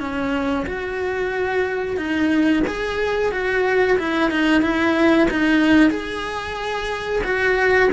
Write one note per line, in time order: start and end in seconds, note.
0.00 0.66 C#4
0.67 1.97 F#4
1.97 2.63 D#4
2.67 3.32 G#4
3.32 3.98 F#4
3.99 4.31 E4
4.31 4.62 D#4
4.62 5.28 E4
5.30 5.90 D#4
5.90 7.22 G#4
7.24 7.90 F#4